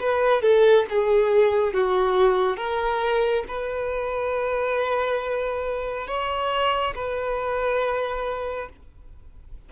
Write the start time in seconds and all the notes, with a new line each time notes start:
0.00 B4
0.42 A4
0.90 G#4
1.74 F#4
2.57 A#4
3.48 B4
6.07 C#5
6.95 B4